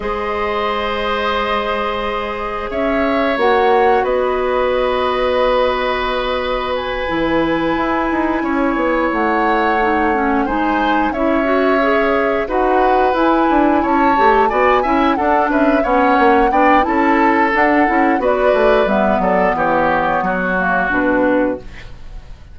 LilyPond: <<
  \new Staff \with { instrumentName = "flute" } { \time 4/4 \tempo 4 = 89 dis''1 | e''4 fis''4 dis''2~ | dis''2 gis''2~ | gis''4. fis''2 gis''8~ |
gis''8 e''2 fis''4 gis''8~ | gis''8 a''4 gis''4 fis''8 e''8 fis''8~ | fis''8 g''8 a''4 fis''4 d''4 | e''8 d''8 cis''2 b'4 | }
  \new Staff \with { instrumentName = "oboe" } { \time 4/4 c''1 | cis''2 b'2~ | b'1~ | b'8 cis''2. c''8~ |
c''8 cis''2 b'4.~ | b'8 cis''4 d''8 e''8 a'8 b'8 cis''8~ | cis''8 d''8 a'2 b'4~ | b'8 a'8 g'4 fis'2 | }
  \new Staff \with { instrumentName = "clarinet" } { \time 4/4 gis'1~ | gis'4 fis'2.~ | fis'2~ fis'8 e'4.~ | e'2~ e'8 dis'8 cis'8 dis'8~ |
dis'8 e'8 fis'8 gis'4 fis'4 e'8~ | e'4 g'8 fis'8 e'8 d'4 cis'8~ | cis'8 d'8 e'4 d'8 e'8 fis'4 | b2~ b8 ais8 d'4 | }
  \new Staff \with { instrumentName = "bassoon" } { \time 4/4 gis1 | cis'4 ais4 b2~ | b2~ b8 e4 e'8 | dis'8 cis'8 b8 a2 gis8~ |
gis8 cis'2 dis'4 e'8 | d'8 cis'8 a8 b8 cis'8 d'8 cis'8 b8 | ais8 b8 cis'4 d'8 cis'8 b8 a8 | g8 fis8 e4 fis4 b,4 | }
>>